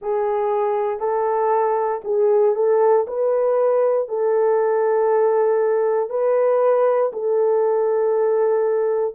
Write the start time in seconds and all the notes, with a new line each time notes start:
0.01 G#4
0.99 A4
2.04 G#4
2.55 A4
3.07 B4
4.08 A4
6.09 B4
7.12 A4